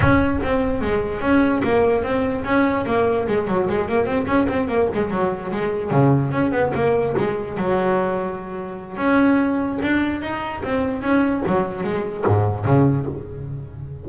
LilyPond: \new Staff \with { instrumentName = "double bass" } { \time 4/4 \tempo 4 = 147 cis'4 c'4 gis4 cis'4 | ais4 c'4 cis'4 ais4 | gis8 fis8 gis8 ais8 c'8 cis'8 c'8 ais8 | gis8 fis4 gis4 cis4 cis'8 |
b8 ais4 gis4 fis4.~ | fis2 cis'2 | d'4 dis'4 c'4 cis'4 | fis4 gis4 gis,4 cis4 | }